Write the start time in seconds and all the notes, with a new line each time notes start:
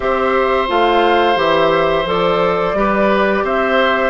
0.00 C4 G4 C5 E5
0.67 A3 F4 F5
1.35 E3 G4 E5
2.04 F3 A4 D5
2.74 G3 G4 B4
3.43 C4 C5 E5